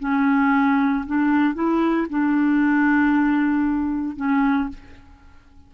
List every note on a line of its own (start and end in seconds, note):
0.00 1.05 C#4
1.07 1.55 D4
1.55 2.07 E4
2.10 4.17 D4
4.17 4.69 C#4